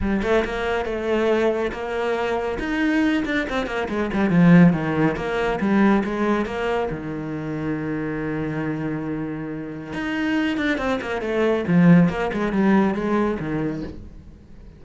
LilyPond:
\new Staff \with { instrumentName = "cello" } { \time 4/4 \tempo 4 = 139 g8 a8 ais4 a2 | ais2 dis'4. d'8 | c'8 ais8 gis8 g8 f4 dis4 | ais4 g4 gis4 ais4 |
dis1~ | dis2. dis'4~ | dis'8 d'8 c'8 ais8 a4 f4 | ais8 gis8 g4 gis4 dis4 | }